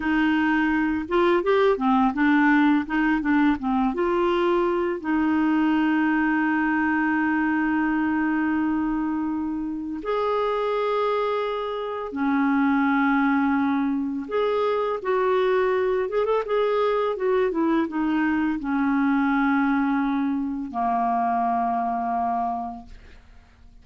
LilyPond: \new Staff \with { instrumentName = "clarinet" } { \time 4/4 \tempo 4 = 84 dis'4. f'8 g'8 c'8 d'4 | dis'8 d'8 c'8 f'4. dis'4~ | dis'1~ | dis'2 gis'2~ |
gis'4 cis'2. | gis'4 fis'4. gis'16 a'16 gis'4 | fis'8 e'8 dis'4 cis'2~ | cis'4 ais2. | }